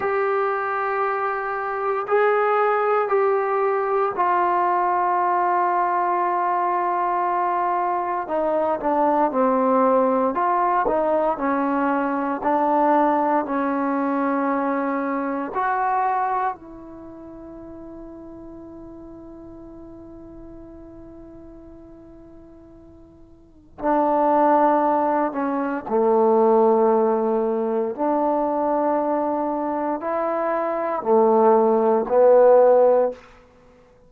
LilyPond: \new Staff \with { instrumentName = "trombone" } { \time 4/4 \tempo 4 = 58 g'2 gis'4 g'4 | f'1 | dis'8 d'8 c'4 f'8 dis'8 cis'4 | d'4 cis'2 fis'4 |
e'1~ | e'2. d'4~ | d'8 cis'8 a2 d'4~ | d'4 e'4 a4 b4 | }